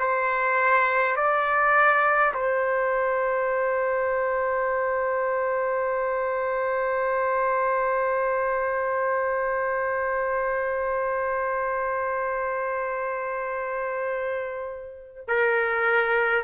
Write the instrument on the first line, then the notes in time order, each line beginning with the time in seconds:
trumpet
0.00 C5
1.17 D5
2.34 C5
15.28 A#4